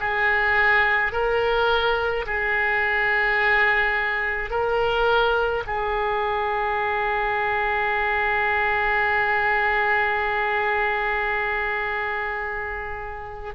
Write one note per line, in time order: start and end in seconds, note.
0.00 1.13 G#4
1.13 2.26 A#4
2.26 4.50 G#4
4.50 5.63 A#4
5.67 13.55 G#4